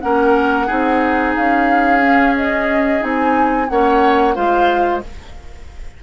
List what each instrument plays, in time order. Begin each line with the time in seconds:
0.00 bassoon A#3, clarinet C#4, oboe A#4, flute F#5
0.67 bassoon C4, clarinet D#4, oboe G#4
1.35 bassoon C#4, flute F5
2.01 clarinet C#4
2.36 flute D#5
2.99 bassoon C4, clarinet D#4, flute G#5
3.69 bassoon A#3, clarinet C#4, oboe C#5, flute F#5
4.34 bassoon G#3, clarinet F4, oboe C5, flute F5